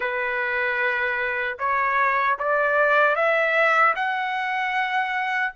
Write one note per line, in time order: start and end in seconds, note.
0.00 1.57 B4
1.58 2.37 C#5
2.39 3.15 D5
3.15 3.94 E5
3.95 5.53 F#5